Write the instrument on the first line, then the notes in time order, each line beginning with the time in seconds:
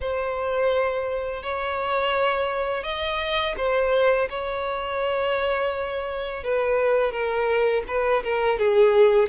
violin
0.01 C5
1.43 C#5
2.83 D#5
3.57 C5
4.29 C#5
6.43 B4
7.11 A#4
7.87 B4
8.23 A#4
8.58 G#4